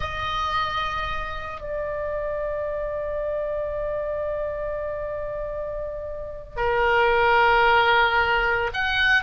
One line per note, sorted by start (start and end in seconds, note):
0.00 1.60 D#5
1.60 6.56 D5
6.56 8.70 A#4
8.73 9.23 F#5